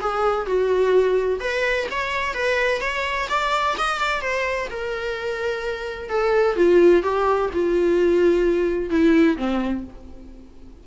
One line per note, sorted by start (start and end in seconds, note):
0.00 0.46 G#4
0.46 1.40 F#4
1.40 1.87 B4
1.91 2.34 C#5
2.34 2.81 B4
2.81 3.28 C#5
3.29 3.76 D5
3.78 3.99 D#5
3.99 4.21 D5
4.21 4.68 C5
4.70 6.09 A#4
6.09 6.56 A4
6.56 7.03 F4
7.03 7.50 G4
7.53 8.90 F4
8.90 9.37 E4
9.37 9.84 C4